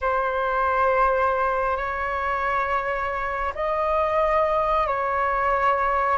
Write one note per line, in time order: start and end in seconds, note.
0.01 1.76 C5
1.76 3.53 C#5
3.55 4.87 D#5
4.87 6.17 C#5